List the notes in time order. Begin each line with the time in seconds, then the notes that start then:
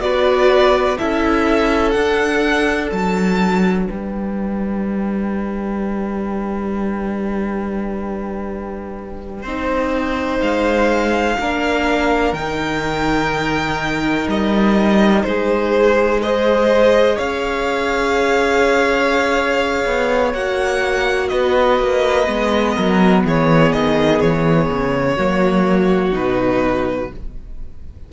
0.00 B3 F#4 B4 D5
0.98 C#4 E4 A4 E5
1.91 D4 F#5
2.92 F#3 A5
3.86 G3 B4 G5
9.43 C4 D#4 C5
10.41 G#3 F5
11.39 A#3 D4 A#4
12.33 D#3 D#4 G5
14.28 G3 D#5
15.23 G#3 G#4 C5
16.22 G#4 C5 D#5
17.16 C#4 C#5 F5
19.86 B3
20.33 A#3 F#4 F#5
21.29 B3 B4 D#5
21.80 A#3
22.26 G#3 B3
22.75 F#3 A#4
23.25 E3 G#4 C#5
23.73 D#3 D#5
24.21 E3 C#5
24.71 C#3
25.16 F#3 A#3 F#4
26.12 B2 D#4 B4